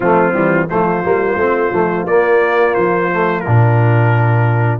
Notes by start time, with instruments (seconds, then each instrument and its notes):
0.00 tuba F3, trombone A3, horn C4, trumpet F4
0.32 tuba E3, trombone G3
0.69 tuba F3, trombone A3, horn F4, trumpet C5
1.04 tuba G3, trombone A#3
1.36 tuba A3, trombone C4
1.72 tuba F3, trombone A3
2.06 tuba A#3, trombone A#3, trumpet D5
2.74 tuba F3, trumpet C5
3.11 trombone A3
3.40 trumpet A#4
3.46 tuba A#2, trombone D4